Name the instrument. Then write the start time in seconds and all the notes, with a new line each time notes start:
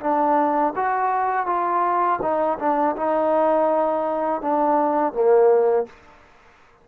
trombone
0.00 D4
0.75 F#4
1.46 F4
2.22 D#4
2.59 D4
2.96 D#4
4.41 D4
5.13 A#3